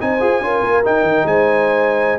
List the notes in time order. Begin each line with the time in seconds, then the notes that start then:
0.00 C4 D#4 C5 G#5
0.20 F4 G#4
0.40 C#4 F4 A#4
0.62 A#3
0.84 D#4 G5
1.02 D#3
1.25 G#3 C5 G#5